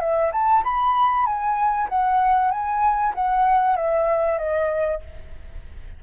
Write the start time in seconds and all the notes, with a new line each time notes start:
0.00 E5
0.32 A5
0.64 B5
1.26 G#5
1.89 F#5
2.51 G#5
3.14 F#5
3.76 E5
4.38 D#5